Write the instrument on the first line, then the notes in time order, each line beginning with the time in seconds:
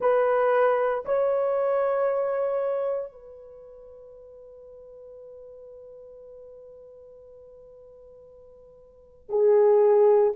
horn
0.00 B4
1.05 C#5
3.11 B4
9.29 G#4